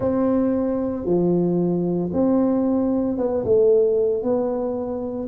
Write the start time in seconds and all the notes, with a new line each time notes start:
0.00 C4
1.05 F3
2.12 C4
3.17 B3
3.44 A3
4.22 B3